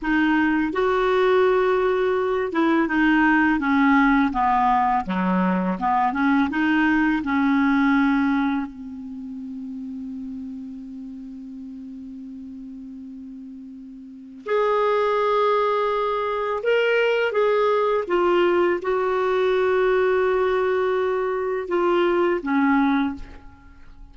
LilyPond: \new Staff \with { instrumentName = "clarinet" } { \time 4/4 \tempo 4 = 83 dis'4 fis'2~ fis'8 e'8 | dis'4 cis'4 b4 fis4 | b8 cis'8 dis'4 cis'2 | c'1~ |
c'1 | gis'2. ais'4 | gis'4 f'4 fis'2~ | fis'2 f'4 cis'4 | }